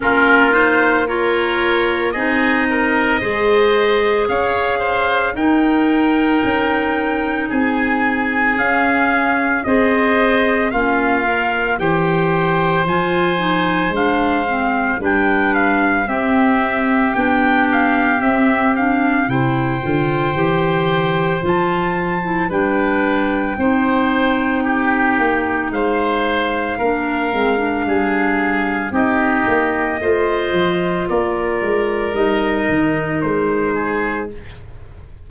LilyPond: <<
  \new Staff \with { instrumentName = "trumpet" } { \time 4/4 \tempo 4 = 56 ais'8 c''8 cis''4 dis''2 | f''4 g''2 gis''4 | f''4 dis''4 f''4 g''4 | gis''4 f''4 g''8 f''8 e''4 |
g''8 f''8 e''8 f''8 g''2 | a''4 g''2. | f''2. dis''4~ | dis''4 d''4 dis''4 c''4 | }
  \new Staff \with { instrumentName = "oboe" } { \time 4/4 f'4 ais'4 gis'8 ais'8 c''4 | cis''8 c''8 ais'2 gis'4~ | gis'4 c''4 f'4 c''4~ | c''2 b'4 g'4~ |
g'2 c''2~ | c''4 b'4 c''4 g'4 | c''4 ais'4 gis'4 g'4 | c''4 ais'2~ ais'8 gis'8 | }
  \new Staff \with { instrumentName = "clarinet" } { \time 4/4 cis'8 dis'8 f'4 dis'4 gis'4~ | gis'4 dis'2. | cis'4 gis'4 cis'8 ais'8 g'4 | f'8 dis'8 d'8 c'8 d'4 c'4 |
d'4 c'8 d'8 e'8 f'8 g'4 | f'8. e'16 d'4 dis'2~ | dis'4 d'8 c'16 d'4~ d'16 dis'4 | f'2 dis'2 | }
  \new Staff \with { instrumentName = "tuba" } { \time 4/4 ais2 c'4 gis4 | cis'4 dis'4 cis'4 c'4 | cis'4 c'4 ais4 e4 | f4 gis4 g4 c'4 |
b4 c'4 c8 d8 e4 | f4 g4 c'4. ais8 | gis4 ais8 gis8 g4 c'8 ais8 | a8 f8 ais8 gis8 g8 dis8 gis4 | }
>>